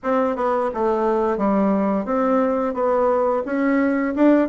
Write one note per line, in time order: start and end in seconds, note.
0.03 0.36 C4
0.36 0.70 B3
0.74 1.37 A3
1.37 2.05 G3
2.05 2.74 C4
2.74 3.43 B3
3.45 4.14 C#4
4.15 4.48 D4